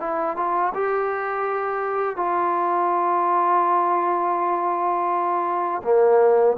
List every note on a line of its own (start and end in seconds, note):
0.00 0.36 E4
0.36 0.73 F4
0.75 2.16 G4
2.16 5.82 F4
5.84 6.57 A#3